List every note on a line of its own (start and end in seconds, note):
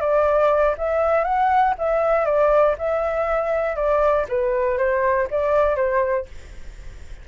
0.00 0.75 D5
0.78 1.25 E5
1.25 1.75 F#5
1.78 2.26 E5
2.26 2.76 D5
2.78 3.76 E5
3.76 4.26 D5
4.29 4.78 B4
4.78 5.28 C5
5.31 5.76 D5
5.76 6.26 C5